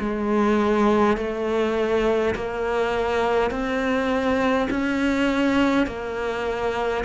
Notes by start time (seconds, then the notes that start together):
0.00 G#3
1.17 A3
2.35 A#3
3.50 C4
4.70 C#4
5.87 A#3